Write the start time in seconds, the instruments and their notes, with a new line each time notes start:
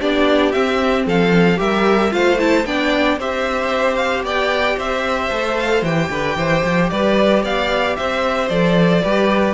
0.00 cello B3, viola D4, violin G4 D5
0.52 viola C4, cello C4, violin E5
1.06 cello F3, violin A4 F5
1.56 cello G3, viola G4, violin A#4 E5
2.11 cello A3, viola F4, violin C5 F5
2.38 viola E4, violin A5
2.65 cello B3, viola D4, violin D5 G5
3.17 cello C4, viola G4, violin C5 E5
3.95 violin F5
4.23 cello B3, violin D5 G5
4.76 cello C4, violin C5 E5
5.31 cello A3, viola A4
5.57 violin F5
5.82 cello E3, viola G4, violin G5
6.09 cello D3, violin B4
6.36 cello E3, violin C5
6.64 cello F3
6.89 cello G3, violin B4 D5
7.43 cello B3, violin D5 F5
7.96 cello C4, violin C5 E5
8.48 cello F3, viola A4, violin D5
9.02 cello G3, viola G4, violin B4